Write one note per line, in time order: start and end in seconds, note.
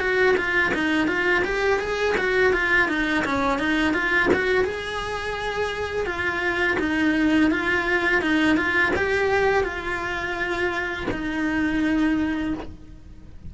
0.00 0.36 F#4
0.37 0.72 F4
0.74 1.07 D#4
1.07 1.43 F4
1.44 1.79 G4
1.79 2.15 G#4
2.17 2.53 F#4
2.53 2.88 F4
2.88 3.24 D#4
3.25 3.58 C#4
3.58 3.94 D#4
3.94 4.29 F4
4.33 4.64 F#4
4.64 6.06 G#4
6.06 6.77 F4
6.79 7.51 D#4
7.51 8.21 F4
8.21 8.56 D#4
8.56 8.92 F4
8.96 9.64 G4
9.64 11.06 F4
11.11 12.54 D#4